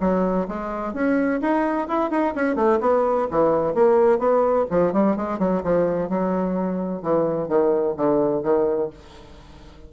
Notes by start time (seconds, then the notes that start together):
0.00 F#3
0.48 G#3
0.93 C#4
1.41 D#4
1.88 E4
2.10 D#4
2.35 C#4
2.55 A3
2.80 B3
3.30 E3
3.74 A#3
4.18 B3
4.70 F3
4.93 G3
5.16 G#3
5.38 F#3
5.63 F3
6.09 F#3
7.02 E3
7.48 D#3
7.96 D3
8.43 D#3